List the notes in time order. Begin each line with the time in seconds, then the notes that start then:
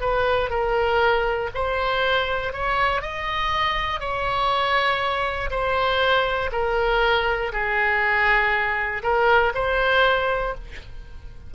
0.00 B4
0.50 A#4
1.55 C5
2.52 C#5
3.01 D#5
4.00 C#5
5.50 C5
6.52 A#4
7.52 G#4
9.03 A#4
9.54 C5